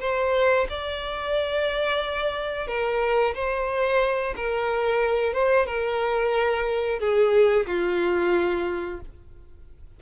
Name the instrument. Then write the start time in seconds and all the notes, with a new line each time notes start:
violin
0.00 C5
0.69 D5
2.67 A#4
3.35 C5
4.36 A#4
5.33 C5
5.66 A#4
6.99 G#4
7.67 F4